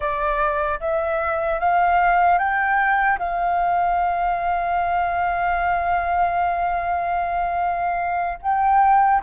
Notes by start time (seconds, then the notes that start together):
0.00 D5
0.80 E5
1.59 F5
2.38 G5
3.19 F5
8.42 G5